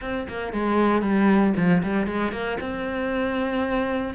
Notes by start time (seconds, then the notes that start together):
0.01 C4
0.28 A#3
0.53 G#3
1.02 G3
1.56 F3
1.82 G3
2.06 G#3
2.31 A#3
2.60 C4